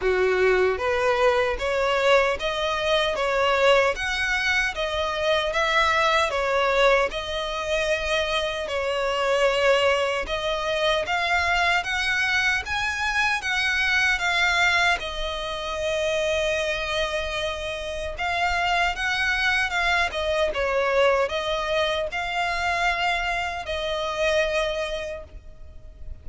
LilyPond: \new Staff \with { instrumentName = "violin" } { \time 4/4 \tempo 4 = 76 fis'4 b'4 cis''4 dis''4 | cis''4 fis''4 dis''4 e''4 | cis''4 dis''2 cis''4~ | cis''4 dis''4 f''4 fis''4 |
gis''4 fis''4 f''4 dis''4~ | dis''2. f''4 | fis''4 f''8 dis''8 cis''4 dis''4 | f''2 dis''2 | }